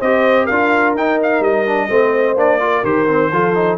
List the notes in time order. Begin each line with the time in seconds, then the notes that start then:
0.00 C4 G4 C5 D#5
0.45 D4 A#4 F5
0.51 F4
0.94 D#4 G5
1.22 F5
1.40 G3 D#5
1.66 D4
1.89 A3 C4 C5
2.35 A#3 D4 D5
2.60 F4 A#4
2.83 D#3 G4 C5
3.07 C4
3.31 F3 F4 A4
3.55 D#4